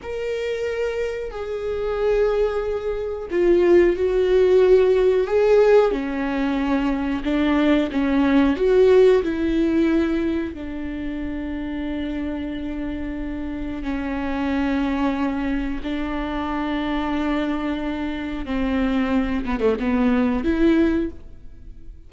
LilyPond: \new Staff \with { instrumentName = "viola" } { \time 4/4 \tempo 4 = 91 ais'2 gis'2~ | gis'4 f'4 fis'2 | gis'4 cis'2 d'4 | cis'4 fis'4 e'2 |
d'1~ | d'4 cis'2. | d'1 | c'4. b16 a16 b4 e'4 | }